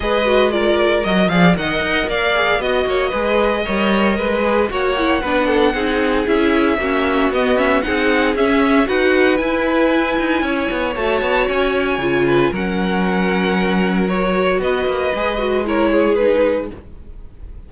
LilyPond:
<<
  \new Staff \with { instrumentName = "violin" } { \time 4/4 \tempo 4 = 115 dis''4 d''4 dis''8 f''8 fis''4 | f''4 dis''2.~ | dis''4 fis''2. | e''2 dis''8 e''8 fis''4 |
e''4 fis''4 gis''2~ | gis''4 a''4 gis''2 | fis''2. cis''4 | dis''2 cis''4 b'4 | }
  \new Staff \with { instrumentName = "violin" } { \time 4/4 b'4 ais'4. d''8 dis''4 | d''4 dis''8 cis''8 b'4 cis''4 | b'4 cis''4 b'8 a'8 gis'4~ | gis'4 fis'2 gis'4~ |
gis'4 b'2. | cis''2.~ cis''8 b'8 | ais'1 | b'2 ais'8 gis'4. | }
  \new Staff \with { instrumentName = "viola" } { \time 4/4 gis'8 fis'8 f'4 fis'8 gis'8 ais'4~ | ais'8 gis'8 fis'4 gis'4 ais'4~ | ais'8 gis'8 fis'8 e'8 d'4 dis'4 | e'4 cis'4 b8 cis'8 dis'4 |
cis'4 fis'4 e'2~ | e'4 fis'2 f'4 | cis'2. fis'4~ | fis'4 gis'8 fis'8 e'4 dis'4 | }
  \new Staff \with { instrumentName = "cello" } { \time 4/4 gis2 fis8 f8 dis8 dis'8 | ais4 b8 ais8 gis4 g4 | gis4 ais4 b4 c'4 | cis'4 ais4 b4 c'4 |
cis'4 dis'4 e'4. dis'8 | cis'8 b8 a8 b8 cis'4 cis4 | fis1 | b8 ais8 gis2. | }
>>